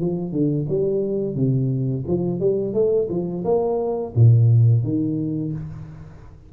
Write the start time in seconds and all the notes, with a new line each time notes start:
0.00 F3
0.32 D3
0.69 G3
1.35 C3
2.07 F3
2.39 G3
2.73 A3
3.09 F3
3.44 A#3
4.15 A#2
4.83 D#3